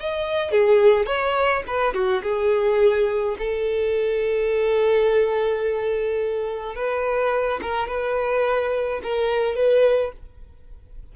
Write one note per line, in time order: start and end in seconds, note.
0.00 0.51 D#5
0.51 1.07 G#4
1.07 1.63 C#5
1.67 1.94 B4
1.94 2.23 F#4
2.23 3.36 G#4
3.39 6.75 A4
6.75 7.60 B4
7.62 7.88 A#4
7.88 9.02 B4
9.03 9.56 A#4
9.56 10.12 B4